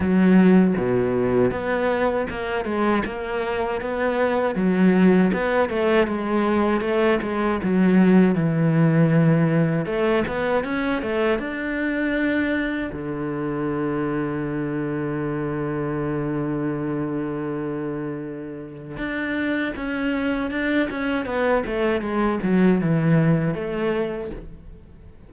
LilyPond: \new Staff \with { instrumentName = "cello" } { \time 4/4 \tempo 4 = 79 fis4 b,4 b4 ais8 gis8 | ais4 b4 fis4 b8 a8 | gis4 a8 gis8 fis4 e4~ | e4 a8 b8 cis'8 a8 d'4~ |
d'4 d2.~ | d1~ | d4 d'4 cis'4 d'8 cis'8 | b8 a8 gis8 fis8 e4 a4 | }